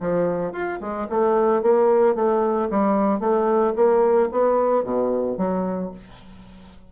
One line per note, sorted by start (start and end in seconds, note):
0.00 0.52 F3
0.52 0.79 F4
0.80 1.07 G#3
1.09 1.62 A3
1.62 2.15 A#3
2.15 2.68 A3
2.70 3.19 G3
3.19 3.73 A3
3.75 4.29 A#3
4.31 4.84 B3
4.84 5.37 B2
5.37 5.91 F#3